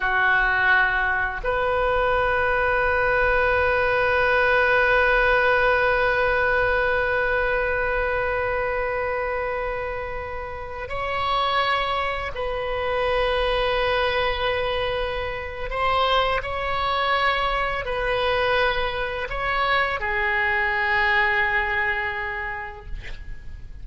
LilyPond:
\new Staff \with { instrumentName = "oboe" } { \time 4/4 \tempo 4 = 84 fis'2 b'2~ | b'1~ | b'1~ | b'2.~ b'16 cis''8.~ |
cis''4~ cis''16 b'2~ b'8.~ | b'2 c''4 cis''4~ | cis''4 b'2 cis''4 | gis'1 | }